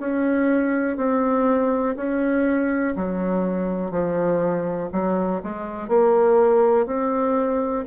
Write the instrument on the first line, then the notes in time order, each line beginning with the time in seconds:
bassoon
0.00 C#4
0.97 C4
1.97 C#4
2.96 F#3
3.92 F3
4.93 F#3
5.44 G#3
5.88 A#3
6.87 C4